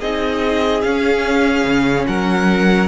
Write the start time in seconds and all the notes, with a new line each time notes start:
0.00 C4 D#4 G#4 D#5
0.82 C#4 F5
1.64 C#3
2.07 F#3 A#4 F#5